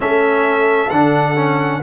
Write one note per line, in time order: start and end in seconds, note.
0.00 0.91 A3
0.00 0.89 C#4
0.00 1.83 A4
0.00 0.89 E5
0.89 1.83 D3
0.89 1.35 D4
0.89 1.82 F#5
1.35 1.82 C#4